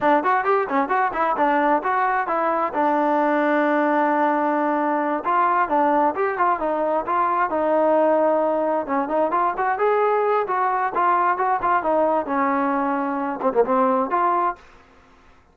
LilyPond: \new Staff \with { instrumentName = "trombone" } { \time 4/4 \tempo 4 = 132 d'8 fis'8 g'8 cis'8 fis'8 e'8 d'4 | fis'4 e'4 d'2~ | d'2.~ d'8 f'8~ | f'8 d'4 g'8 f'8 dis'4 f'8~ |
f'8 dis'2. cis'8 | dis'8 f'8 fis'8 gis'4. fis'4 | f'4 fis'8 f'8 dis'4 cis'4~ | cis'4. c'16 ais16 c'4 f'4 | }